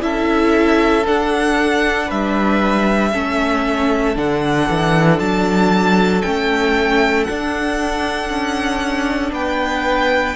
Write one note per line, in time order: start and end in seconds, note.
0.00 1.06 C#4
0.00 1.03 E4
0.00 2.07 A4
0.00 1.06 E5
1.05 3.12 D4
1.05 2.11 D4
1.05 2.10 F#5
2.07 3.14 G3
2.07 3.10 B4
2.07 4.17 E5
3.12 4.17 A3
3.12 4.15 C#4
3.12 9.33 A4
4.15 4.69 D3
4.15 6.22 D4
4.15 5.19 F#5
4.69 5.19 E3
5.19 6.22 F#3
5.19 6.22 A5
6.22 7.28 A3
6.22 7.27 C#4
6.22 7.24 G5
7.24 10.36 D4
7.24 8.29 D4
7.24 9.31 F#5
8.29 9.32 C#4
9.32 10.35 B3
9.32 10.36 B4
9.32 10.36 G5